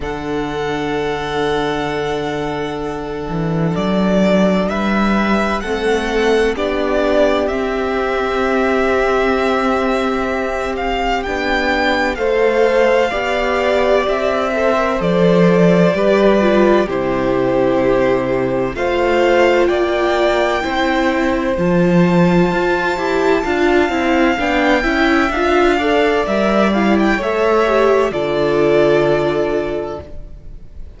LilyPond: <<
  \new Staff \with { instrumentName = "violin" } { \time 4/4 \tempo 4 = 64 fis''1 | d''4 e''4 fis''4 d''4 | e''2.~ e''8 f''8 | g''4 f''2 e''4 |
d''2 c''2 | f''4 g''2 a''4~ | a''2 g''4 f''4 | e''8 f''16 g''16 e''4 d''2 | }
  \new Staff \with { instrumentName = "violin" } { \time 4/4 a'1~ | a'4 b'4 a'4 g'4~ | g'1~ | g'4 c''4 d''4. c''8~ |
c''4 b'4 g'2 | c''4 d''4 c''2~ | c''4 f''4. e''4 d''8~ | d''4 cis''4 a'2 | }
  \new Staff \with { instrumentName = "viola" } { \time 4/4 d'1~ | d'2 c'4 d'4 | c'1 | d'4 a'4 g'4. a'16 ais'16 |
a'4 g'8 f'8 e'2 | f'2 e'4 f'4~ | f'8 g'8 f'8 e'8 d'8 e'8 f'8 a'8 | ais'8 e'8 a'8 g'8 f'2 | }
  \new Staff \with { instrumentName = "cello" } { \time 4/4 d2.~ d8 e8 | fis4 g4 a4 b4 | c'1 | b4 a4 b4 c'4 |
f4 g4 c2 | a4 ais4 c'4 f4 | f'8 e'8 d'8 c'8 b8 cis'8 d'4 | g4 a4 d2 | }
>>